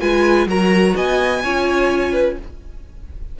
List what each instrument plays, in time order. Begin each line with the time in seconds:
0.00 cello G#3, viola F4, violin B4 G#5
0.46 cello F#3, viola F#4, violin A#4 A#5
0.95 cello B3, violin D#5 G#5
1.43 cello C#4, viola F4, violin C#5
2.12 violin B4